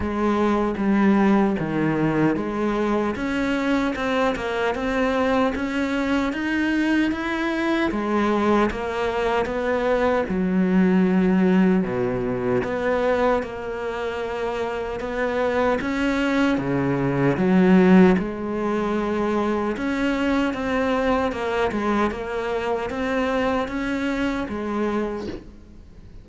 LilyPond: \new Staff \with { instrumentName = "cello" } { \time 4/4 \tempo 4 = 76 gis4 g4 dis4 gis4 | cis'4 c'8 ais8 c'4 cis'4 | dis'4 e'4 gis4 ais4 | b4 fis2 b,4 |
b4 ais2 b4 | cis'4 cis4 fis4 gis4~ | gis4 cis'4 c'4 ais8 gis8 | ais4 c'4 cis'4 gis4 | }